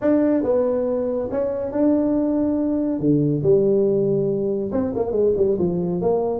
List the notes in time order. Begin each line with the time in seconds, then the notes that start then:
0.01 D4
0.43 B3
1.31 C#4
1.71 D4
2.99 D3
3.42 G3
4.72 C4
4.95 A#3
5.11 G#3
5.36 G3
5.59 F3
6.01 A#3